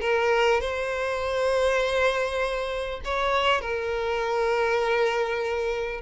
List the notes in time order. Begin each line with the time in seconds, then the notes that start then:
0.00 A#4
0.60 C5
3.04 C#5
3.61 A#4